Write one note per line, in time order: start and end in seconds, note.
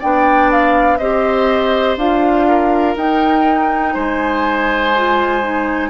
0.00 1.00 B3
0.00 1.00 D4
0.00 0.98 D5
0.00 0.51 G5
0.52 0.98 F5
0.98 1.97 C4
0.98 1.99 G4
0.98 2.47 C5
0.98 1.96 D#5
1.97 2.95 D4
1.97 2.97 F4
1.97 2.97 F5
2.48 3.94 A#4
2.97 3.95 D#4
2.97 4.94 D#4
2.97 3.95 G5
3.94 5.90 G#3
3.94 5.90 C5
3.94 5.90 G#5
4.97 5.43 F4
5.43 5.90 D#4